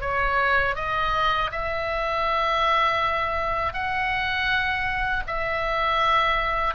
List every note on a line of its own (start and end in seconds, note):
0.00 0.75 C#5
0.75 1.50 D#5
1.51 3.73 E5
3.73 5.23 F#5
5.26 6.74 E5